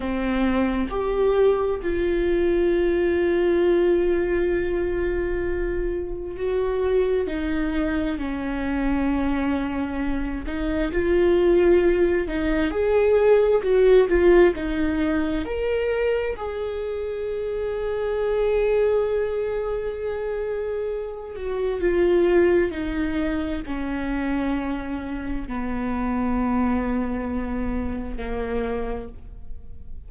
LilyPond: \new Staff \with { instrumentName = "viola" } { \time 4/4 \tempo 4 = 66 c'4 g'4 f'2~ | f'2. fis'4 | dis'4 cis'2~ cis'8 dis'8 | f'4. dis'8 gis'4 fis'8 f'8 |
dis'4 ais'4 gis'2~ | gis'2.~ gis'8 fis'8 | f'4 dis'4 cis'2 | b2. ais4 | }